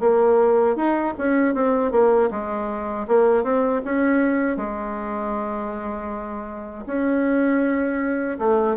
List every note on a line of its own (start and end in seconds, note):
0.00 0.76 A#3
0.76 1.14 D#4
1.18 1.55 C#4
1.55 1.92 C4
1.92 2.30 A#3
2.31 3.07 G#3
3.08 3.43 A#3
3.43 3.81 C4
3.85 4.57 C#4
4.57 6.85 G#3
6.86 8.38 C#4
8.39 8.77 A3